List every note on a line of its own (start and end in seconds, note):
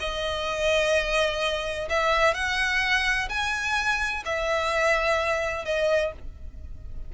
0.00 1.89 D#5
1.90 2.35 E5
2.35 3.29 F#5
3.29 4.24 G#5
4.25 5.65 E5
5.65 6.12 D#5